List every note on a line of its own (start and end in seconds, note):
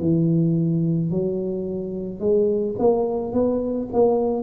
0.00 1.11 E3
1.11 2.20 F#3
2.20 2.75 G#3
2.79 3.33 A#3
3.33 3.88 B3
3.92 4.43 A#3